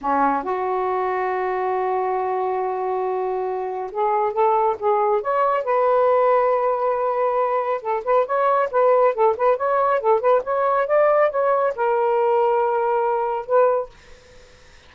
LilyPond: \new Staff \with { instrumentName = "saxophone" } { \time 4/4 \tempo 4 = 138 cis'4 fis'2.~ | fis'1~ | fis'4 gis'4 a'4 gis'4 | cis''4 b'2.~ |
b'2 a'8 b'8 cis''4 | b'4 a'8 b'8 cis''4 a'8 b'8 | cis''4 d''4 cis''4 ais'4~ | ais'2. b'4 | }